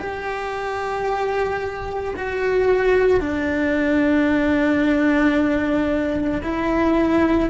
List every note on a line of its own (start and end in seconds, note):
0.00 2.14 G4
2.16 3.20 F#4
3.20 6.42 D4
6.42 7.50 E4